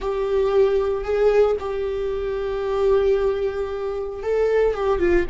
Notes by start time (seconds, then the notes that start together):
0.00 G4
1.04 G#4
1.59 G4
4.22 A4
4.74 G4
4.99 F4